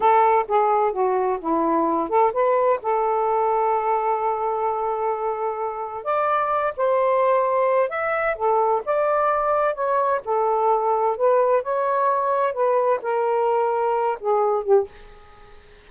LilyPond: \new Staff \with { instrumentName = "saxophone" } { \time 4/4 \tempo 4 = 129 a'4 gis'4 fis'4 e'4~ | e'8 a'8 b'4 a'2~ | a'1~ | a'4 d''4. c''4.~ |
c''4 e''4 a'4 d''4~ | d''4 cis''4 a'2 | b'4 cis''2 b'4 | ais'2~ ais'8 gis'4 g'8 | }